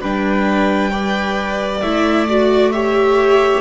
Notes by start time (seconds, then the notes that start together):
0.00 G3 D4 B4 G5
0.90 B4 D5
1.81 A3 E4 E5
2.27 F#4 D5
2.71 G4 C#5 E5